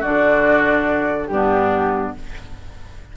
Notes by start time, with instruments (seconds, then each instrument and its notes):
0.00 bassoon D3, clarinet D4, oboe F#4, flute D5
1.26 bassoon G2, clarinet B3, oboe D4, flute G4